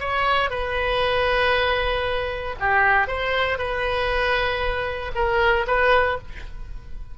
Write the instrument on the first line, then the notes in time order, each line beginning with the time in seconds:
oboe
0.00 C#5
0.51 B4
2.60 G4
3.07 C5
3.58 B4
5.15 A#4
5.67 B4